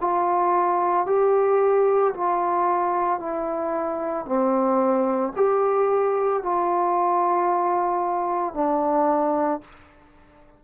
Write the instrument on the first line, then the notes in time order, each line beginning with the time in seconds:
trombone
0.00 F4
1.06 G4
2.14 F4
3.19 E4
4.26 C4
5.36 G4
6.43 F4
8.54 D4